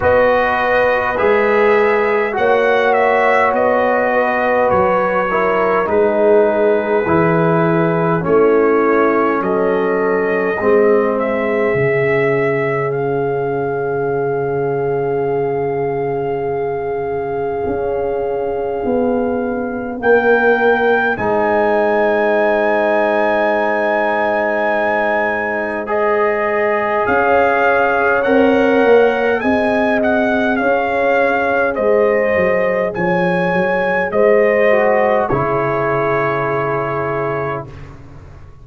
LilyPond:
<<
  \new Staff \with { instrumentName = "trumpet" } { \time 4/4 \tempo 4 = 51 dis''4 e''4 fis''8 e''8 dis''4 | cis''4 b'2 cis''4 | dis''4. e''4. f''4~ | f''1~ |
f''4 g''4 gis''2~ | gis''2 dis''4 f''4 | fis''4 gis''8 fis''8 f''4 dis''4 | gis''4 dis''4 cis''2 | }
  \new Staff \with { instrumentName = "horn" } { \time 4/4 b'2 cis''4. b'8~ | b'8 ais'8 gis'2 e'4 | a'4 gis'2.~ | gis'1~ |
gis'4 ais'4 c''2~ | c''2. cis''4~ | cis''4 dis''4 cis''4 c''4 | cis''4 c''4 gis'2 | }
  \new Staff \with { instrumentName = "trombone" } { \time 4/4 fis'4 gis'4 fis'2~ | fis'8 e'8 dis'4 e'4 cis'4~ | cis'4 c'4 cis'2~ | cis'1~ |
cis'2 dis'2~ | dis'2 gis'2 | ais'4 gis'2.~ | gis'4. fis'8 e'2 | }
  \new Staff \with { instrumentName = "tuba" } { \time 4/4 b4 gis4 ais4 b4 | fis4 gis4 e4 a4 | fis4 gis4 cis2~ | cis2. cis'4 |
b4 ais4 gis2~ | gis2. cis'4 | c'8 ais8 c'4 cis'4 gis8 fis8 | f8 fis8 gis4 cis2 | }
>>